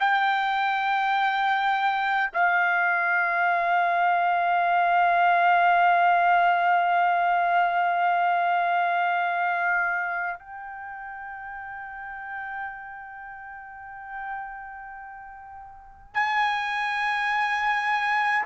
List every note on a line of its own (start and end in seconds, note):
0.00 2.31 G5
2.34 10.40 F5
10.40 16.14 G5
16.14 18.45 G#5